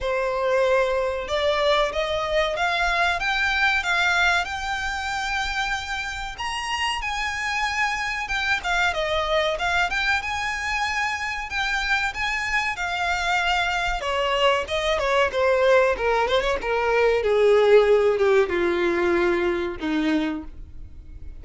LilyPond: \new Staff \with { instrumentName = "violin" } { \time 4/4 \tempo 4 = 94 c''2 d''4 dis''4 | f''4 g''4 f''4 g''4~ | g''2 ais''4 gis''4~ | gis''4 g''8 f''8 dis''4 f''8 g''8 |
gis''2 g''4 gis''4 | f''2 cis''4 dis''8 cis''8 | c''4 ais'8 c''16 cis''16 ais'4 gis'4~ | gis'8 g'8 f'2 dis'4 | }